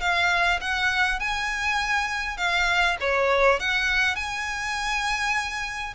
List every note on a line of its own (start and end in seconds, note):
0.00 0.59 F5
0.60 1.19 F#5
1.19 2.37 G#5
2.37 2.96 F5
3.00 3.59 C#5
3.59 4.15 F#5
4.15 5.94 G#5